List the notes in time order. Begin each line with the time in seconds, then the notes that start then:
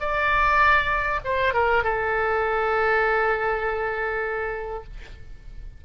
0.00 D5
1.24 C5
1.54 A#4
1.84 A4